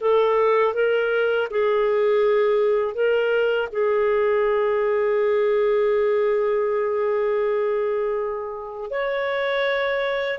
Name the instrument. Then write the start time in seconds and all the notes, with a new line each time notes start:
clarinet
0.00 A4
0.74 A#4
1.50 G#4
2.94 A#4
3.72 G#4
8.90 C#5